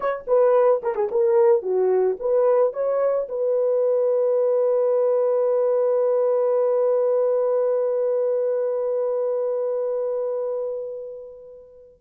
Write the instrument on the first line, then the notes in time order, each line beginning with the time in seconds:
horn
0.00 C#5
0.27 B4
0.82 A#4
0.95 G#4
1.11 A#4
1.62 F#4
2.19 B4
2.73 C#5
3.29 B4